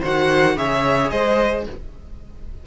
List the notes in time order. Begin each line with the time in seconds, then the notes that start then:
0.00 D#3 F#4 C5 F#5
0.56 C#3 G#4 C#5 E5
1.10 G#3 C5 D#5